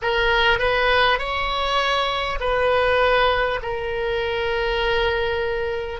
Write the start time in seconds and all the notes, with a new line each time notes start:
0.02 A#4
0.58 B4
1.18 C#5
2.40 B4
3.62 A#4